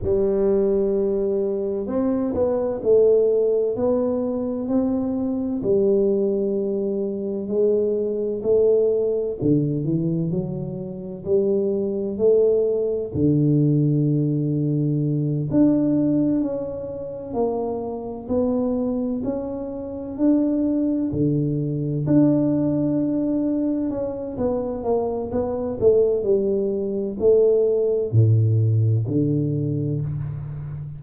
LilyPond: \new Staff \with { instrumentName = "tuba" } { \time 4/4 \tempo 4 = 64 g2 c'8 b8 a4 | b4 c'4 g2 | gis4 a4 d8 e8 fis4 | g4 a4 d2~ |
d8 d'4 cis'4 ais4 b8~ | b8 cis'4 d'4 d4 d'8~ | d'4. cis'8 b8 ais8 b8 a8 | g4 a4 a,4 d4 | }